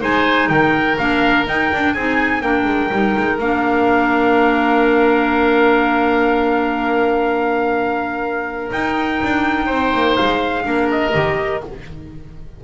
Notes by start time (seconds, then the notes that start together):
0.00 G#3 D#4 C5 G#5
0.49 D#3 A#4 G5
0.98 A#3 D4 F5
1.47 D#4 G5
1.72 D4
1.94 C4 D#4 G#4 G#5
2.41 A#3 D4 A#4 G5
2.65 G#3
2.91 G3 D#4
3.17 G#3
3.38 A#3 D4 F5
8.71 D#4 G5
9.23 D4
9.66 C4 C5
9.94 A#3
10.16 G#3 F5
10.63 A#3 D4 A#4
10.91 D#5
11.12 D#3 G4